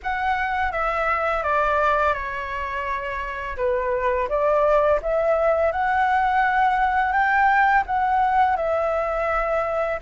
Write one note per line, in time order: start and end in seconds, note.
0.03 0.72 F#5
0.72 1.43 E5
1.43 2.13 D5
2.13 3.56 C#5
3.56 4.28 B4
4.28 5.00 D5
5.02 5.71 E5
5.71 7.12 F#5
7.12 7.83 G5
7.86 8.56 F#5
8.56 9.99 E5